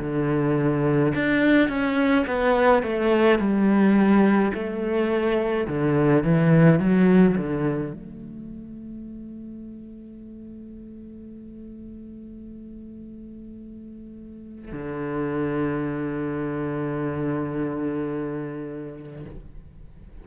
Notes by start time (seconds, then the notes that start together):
0.00 D3
1.15 D4
1.69 C#4
2.27 B3
2.83 A3
3.39 G3
4.54 A3
5.68 D3
6.24 E3
6.79 F#3
7.37 D3
7.93 A3
14.72 D3